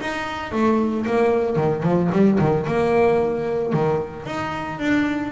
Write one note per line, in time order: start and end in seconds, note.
0.00 0.51 D#4
0.51 1.05 A3
1.06 1.56 A#3
1.56 1.82 D#3
1.82 2.09 F3
2.12 2.39 G3
2.39 2.66 D#3
2.66 3.73 A#3
3.73 4.25 D#3
4.25 4.79 D#4
4.79 5.32 D4